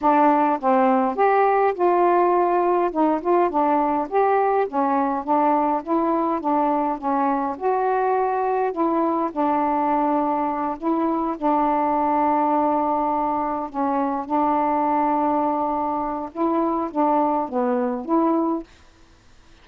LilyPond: \new Staff \with { instrumentName = "saxophone" } { \time 4/4 \tempo 4 = 103 d'4 c'4 g'4 f'4~ | f'4 dis'8 f'8 d'4 g'4 | cis'4 d'4 e'4 d'4 | cis'4 fis'2 e'4 |
d'2~ d'8 e'4 d'8~ | d'2.~ d'8 cis'8~ | cis'8 d'2.~ d'8 | e'4 d'4 b4 e'4 | }